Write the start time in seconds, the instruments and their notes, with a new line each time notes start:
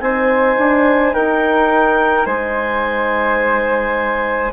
0.00 bassoon C4, trombone D#4, flute C5, clarinet G#5
0.58 bassoon D4
1.14 bassoon D#4, flute A#4, clarinet G5
2.25 bassoon G#3, flute C5, clarinet G#5